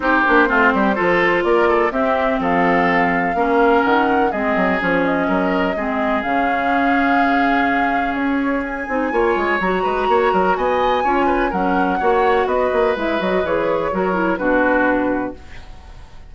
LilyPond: <<
  \new Staff \with { instrumentName = "flute" } { \time 4/4 \tempo 4 = 125 c''2. d''4 | e''4 f''2. | fis''4 dis''4 cis''8 dis''4.~ | dis''4 f''2.~ |
f''4 cis''4 gis''2 | ais''2 gis''2 | fis''2 dis''4 e''8 dis''8 | cis''2 b'2 | }
  \new Staff \with { instrumentName = "oboe" } { \time 4/4 g'4 f'8 g'8 a'4 ais'8 a'8 | g'4 a'2 ais'4~ | ais'4 gis'2 ais'4 | gis'1~ |
gis'2. cis''4~ | cis''8 b'8 cis''8 ais'8 dis''4 cis''8 b'8 | ais'4 cis''4 b'2~ | b'4 ais'4 fis'2 | }
  \new Staff \with { instrumentName = "clarinet" } { \time 4/4 dis'8 d'8 c'4 f'2 | c'2. cis'4~ | cis'4 c'4 cis'2 | c'4 cis'2.~ |
cis'2~ cis'8 dis'8 f'4 | fis'2. f'4 | cis'4 fis'2 e'8 fis'8 | gis'4 fis'8 e'8 d'2 | }
  \new Staff \with { instrumentName = "bassoon" } { \time 4/4 c'8 ais8 a8 g8 f4 ais4 | c'4 f2 ais4 | dis4 gis8 fis8 f4 fis4 | gis4 cis2.~ |
cis4 cis'4. c'8 ais8 gis8 | fis8 gis8 ais8 fis8 b4 cis'4 | fis4 ais4 b8 ais8 gis8 fis8 | e4 fis4 b,2 | }
>>